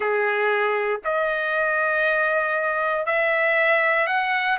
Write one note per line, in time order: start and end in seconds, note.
0.00 1.00 G#4
1.04 3.06 D#5
3.06 4.07 E5
4.07 4.58 F#5